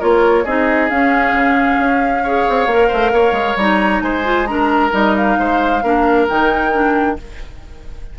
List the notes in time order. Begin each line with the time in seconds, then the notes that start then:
0.00 A#3 F4 A#4 C#5
0.45 C4 D#4 G#4 D#5
0.90 C#4 F5
1.33 C#3
1.79 C#4
2.24 G#4 C#5
2.50 C4
2.67 A#3 A#4
2.88 A3 C5
3.13 A#3 C#5
3.32 G#3
3.57 G3 D#4 A#5
4.02 G#3 C5 G#5
4.25 F4
4.47 D4 A#4 A#5
4.91 G3 D#4 D#5
5.16 F5
5.39 G#3 C5
5.83 A#3 D4 A#4
6.29 D#3 D#4 G5
6.73 D4